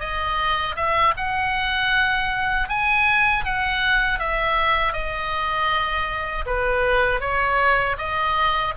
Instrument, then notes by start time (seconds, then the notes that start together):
oboe
0.00 D#5
0.76 E5
1.17 F#5
2.69 G#5
3.45 F#5
4.20 E5
4.93 D#5
6.47 B4
7.21 C#5
7.99 D#5